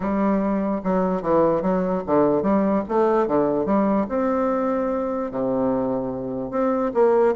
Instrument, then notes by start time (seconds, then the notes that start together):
bassoon
0.00 G3
0.83 F#3
1.22 E3
1.62 F#3
2.06 D3
2.42 G3
2.88 A3
3.27 D3
3.65 G3
4.09 C4
5.31 C3
6.50 C4
6.94 A#3